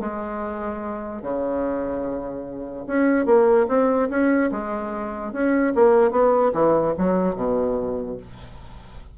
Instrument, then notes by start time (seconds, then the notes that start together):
bassoon
0.00 G#3
1.23 C#3
2.87 C#4
3.26 A#3
3.69 C4
4.10 C#4
4.52 G#3
5.33 C#4
5.75 A#3
6.11 B3
6.54 E3
6.98 F#3
7.35 B2